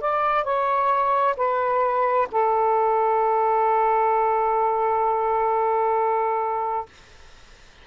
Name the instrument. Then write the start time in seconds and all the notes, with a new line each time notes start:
saxophone
0.00 D5
0.44 C#5
1.36 B4
2.31 A4